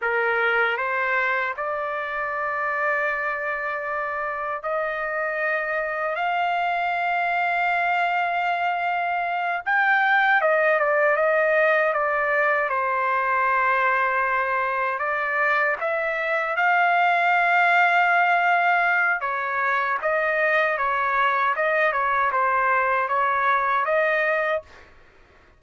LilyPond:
\new Staff \with { instrumentName = "trumpet" } { \time 4/4 \tempo 4 = 78 ais'4 c''4 d''2~ | d''2 dis''2 | f''1~ | f''8 g''4 dis''8 d''8 dis''4 d''8~ |
d''8 c''2. d''8~ | d''8 e''4 f''2~ f''8~ | f''4 cis''4 dis''4 cis''4 | dis''8 cis''8 c''4 cis''4 dis''4 | }